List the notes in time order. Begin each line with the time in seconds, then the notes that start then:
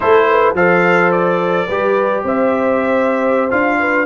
0.00 A3 E4 A4 C5
0.29 B4
0.53 F3 A4 C5 F5
1.11 D5
1.66 G3 G4 B4
2.23 C4 C5 E5
3.49 D4 F4 F5
3.79 B4